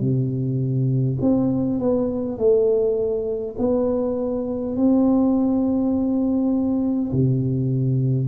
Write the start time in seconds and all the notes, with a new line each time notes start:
0.00 C3
1.21 C4
1.79 B3
2.37 A3
3.58 B3
4.76 C4
7.12 C3